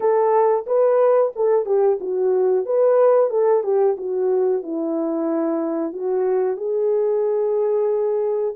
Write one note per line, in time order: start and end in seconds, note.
0.00 0.65 A4
0.66 1.32 B4
1.35 1.65 A4
1.65 1.98 G4
2.00 2.65 F#4
2.65 3.30 B4
3.30 3.63 A4
3.63 3.96 G4
3.97 4.62 F#4
4.62 5.93 E4
5.93 6.57 F#4
6.57 8.54 G#4